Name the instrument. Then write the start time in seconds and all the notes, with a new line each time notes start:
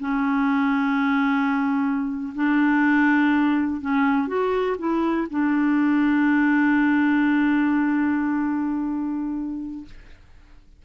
clarinet
0.00 C#4
2.35 D4
3.81 C#4
4.27 F#4
4.78 E4
5.30 D4